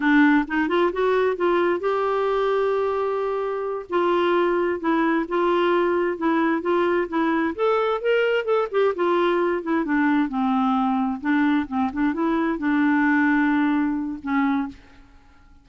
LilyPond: \new Staff \with { instrumentName = "clarinet" } { \time 4/4 \tempo 4 = 131 d'4 dis'8 f'8 fis'4 f'4 | g'1~ | g'8 f'2 e'4 f'8~ | f'4. e'4 f'4 e'8~ |
e'8 a'4 ais'4 a'8 g'8 f'8~ | f'4 e'8 d'4 c'4.~ | c'8 d'4 c'8 d'8 e'4 d'8~ | d'2. cis'4 | }